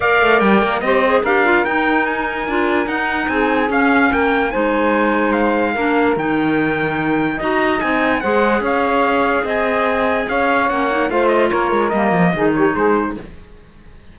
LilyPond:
<<
  \new Staff \with { instrumentName = "trumpet" } { \time 4/4 \tempo 4 = 146 f''4 g''4 dis''4 f''4 | g''4 gis''2 fis''4 | gis''4 f''4 g''4 gis''4~ | gis''4 f''2 g''4~ |
g''2 ais''4 gis''4 | fis''4 f''2 gis''4~ | gis''4 f''4 fis''4 f''8 dis''8 | cis''4 dis''4. cis''8 c''4 | }
  \new Staff \with { instrumentName = "saxophone" } { \time 4/4 d''2 c''4 ais'4~ | ais'1 | gis'2 ais'4 c''4~ | c''2 ais'2~ |
ais'2 dis''2 | c''4 cis''2 dis''4~ | dis''4 cis''2 c''4 | ais'2 gis'8 g'8 gis'4 | }
  \new Staff \with { instrumentName = "clarinet" } { \time 4/4 ais'2 g'8 gis'8 g'8 f'8 | dis'2 f'4 dis'4~ | dis'4 cis'2 dis'4~ | dis'2 d'4 dis'4~ |
dis'2 fis'4 dis'4 | gis'1~ | gis'2 cis'8 dis'8 f'4~ | f'4 ais4 dis'2 | }
  \new Staff \with { instrumentName = "cello" } { \time 4/4 ais8 a8 g8 ais8 c'4 d'4 | dis'2 d'4 dis'4 | c'4 cis'4 ais4 gis4~ | gis2 ais4 dis4~ |
dis2 dis'4 c'4 | gis4 cis'2 c'4~ | c'4 cis'4 ais4 a4 | ais8 gis8 g8 f8 dis4 gis4 | }
>>